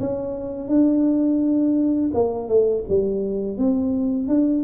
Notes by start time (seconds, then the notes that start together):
0.00 C#4
0.68 D4
2.14 A#3
2.48 A3
2.89 G3
3.58 C4
4.28 D4